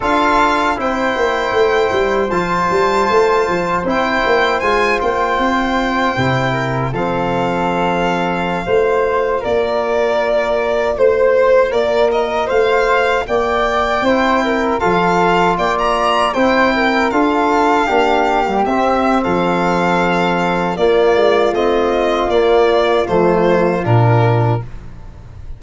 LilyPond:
<<
  \new Staff \with { instrumentName = "violin" } { \time 4/4 \tempo 4 = 78 f''4 g''2 a''4~ | a''4 g''4 gis''8 g''4.~ | g''4 f''2.~ | f''16 d''2 c''4 d''8 dis''16~ |
dis''16 f''4 g''2 f''8.~ | f''16 g''16 ais''8. g''4 f''4.~ f''16~ | f''16 e''8. f''2 d''4 | dis''4 d''4 c''4 ais'4 | }
  \new Staff \with { instrumentName = "flute" } { \time 4/4 a'4 c''2.~ | c''1~ | c''8 ais'8 a'2~ a'16 c''8.~ | c''16 ais'2 c''4 ais'8.~ |
ais'16 c''4 d''4 c''8 ais'8 a'8.~ | a'16 d''4 c''8 ais'8 a'4 g'8.~ | g'4 a'2 f'4~ | f'1 | }
  \new Staff \with { instrumentName = "trombone" } { \time 4/4 f'4 e'2 f'4~ | f'4 e'4 f'2 | e'4 c'2~ c'16 f'8.~ | f'1~ |
f'2~ f'16 e'4 f'8.~ | f'4~ f'16 e'4 f'4 d'8. | g16 c'2~ c'8. ais4 | c'4 ais4 a4 d'4 | }
  \new Staff \with { instrumentName = "tuba" } { \time 4/4 d'4 c'8 ais8 a8 g8 f8 g8 | a8 f8 c'8 ais8 gis8 ais8 c'4 | c4 f2~ f16 a8.~ | a16 ais2 a4 ais8.~ |
ais16 a4 ais4 c'4 f8.~ | f16 ais4 c'4 d'4 ais8.~ | ais16 c'8. f2 ais8 gis8 | a4 ais4 f4 ais,4 | }
>>